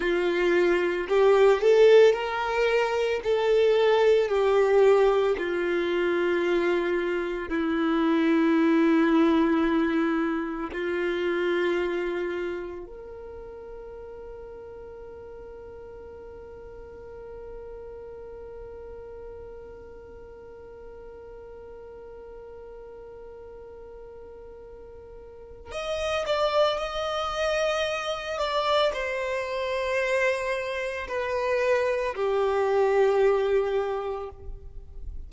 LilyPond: \new Staff \with { instrumentName = "violin" } { \time 4/4 \tempo 4 = 56 f'4 g'8 a'8 ais'4 a'4 | g'4 f'2 e'4~ | e'2 f'2 | ais'1~ |
ais'1~ | ais'1 | dis''8 d''8 dis''4. d''8 c''4~ | c''4 b'4 g'2 | }